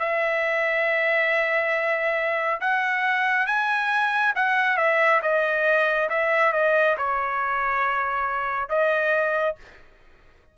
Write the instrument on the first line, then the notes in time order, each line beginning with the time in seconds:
trumpet
0.00 E5
2.61 F#5
3.47 G#5
4.36 F#5
4.77 E5
5.23 D#5
6.10 E5
6.53 D#5
6.98 C#5
8.70 D#5